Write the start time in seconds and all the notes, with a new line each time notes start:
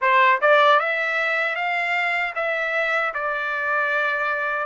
0.01 C5
0.41 D5
0.79 E5
1.55 F5
2.35 E5
3.14 D5